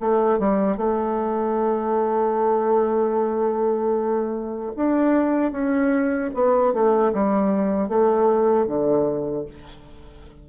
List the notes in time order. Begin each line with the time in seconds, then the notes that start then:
0.00 A3
0.39 G3
0.77 A3
4.76 D4
5.51 C#4
6.34 B3
6.73 A3
7.13 G3
7.88 A3
8.66 D3